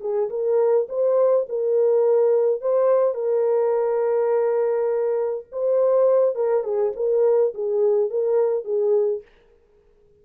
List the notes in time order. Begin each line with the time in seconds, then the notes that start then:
0.00 G#4
0.29 A#4
0.88 C5
1.48 A#4
2.61 C5
3.14 A#4
5.51 C5
6.35 A#4
6.63 G#4
6.95 A#4
7.54 G#4
8.10 A#4
8.64 G#4